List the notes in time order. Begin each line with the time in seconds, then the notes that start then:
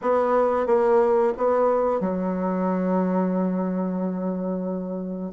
0.02 B3
0.66 A#3
1.37 B3
2.00 F#3